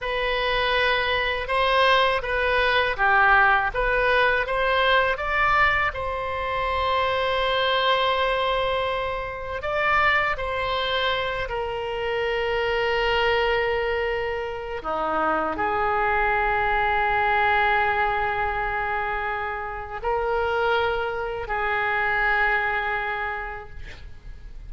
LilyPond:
\new Staff \with { instrumentName = "oboe" } { \time 4/4 \tempo 4 = 81 b'2 c''4 b'4 | g'4 b'4 c''4 d''4 | c''1~ | c''4 d''4 c''4. ais'8~ |
ais'1 | dis'4 gis'2.~ | gis'2. ais'4~ | ais'4 gis'2. | }